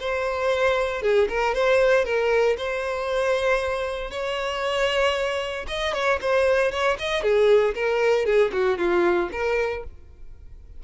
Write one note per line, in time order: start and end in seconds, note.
0.00 1.02 C5
1.02 1.28 G#4
1.29 1.54 A#4
1.54 2.04 C5
2.04 2.56 A#4
2.57 4.11 C5
4.11 5.66 C#5
5.67 5.93 D#5
5.93 6.19 C#5
6.21 6.71 C5
6.71 6.97 C#5
6.99 7.23 D#5
7.23 7.74 G#4
7.75 8.25 A#4
8.25 8.51 G#4
8.52 8.78 F#4
8.78 9.30 F4
9.32 9.83 A#4